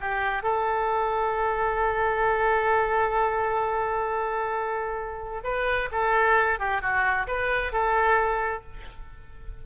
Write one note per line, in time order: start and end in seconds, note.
0.00 0.42 G4
0.42 5.42 A4
5.43 5.89 B4
5.91 6.59 A4
6.59 6.81 G4
6.81 7.26 F#4
7.27 7.72 B4
7.72 8.63 A4